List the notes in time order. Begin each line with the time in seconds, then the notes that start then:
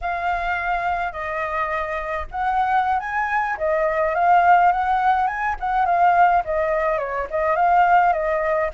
0.01 F5
1.12 D#5
2.31 F#5
2.99 G#5
3.57 D#5
4.14 F5
4.72 F#5
5.27 G#5
5.60 F#5
5.85 F5
6.44 D#5
6.98 C#5
7.30 D#5
7.56 F5
8.12 D#5